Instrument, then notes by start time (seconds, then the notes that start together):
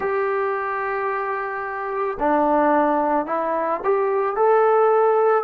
trombone
0.00 G4
2.19 D4
3.25 E4
3.83 G4
4.36 A4